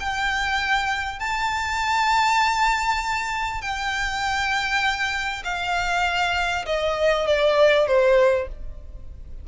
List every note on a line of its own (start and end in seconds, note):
0.00 1.19 G5
1.19 3.61 A5
3.61 5.43 G5
5.44 6.66 F5
6.66 7.26 D#5
7.26 7.87 D5
7.87 8.48 C5